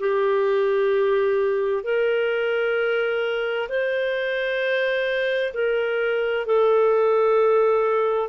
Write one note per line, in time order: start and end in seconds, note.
0.00 1.84 G4
1.84 3.69 A#4
3.69 5.54 C5
5.54 6.46 A#4
6.46 8.30 A4